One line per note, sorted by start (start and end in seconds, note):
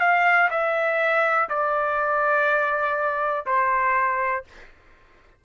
0.00 0.49 F5
0.51 1.49 E5
1.49 3.46 D5
3.46 4.44 C5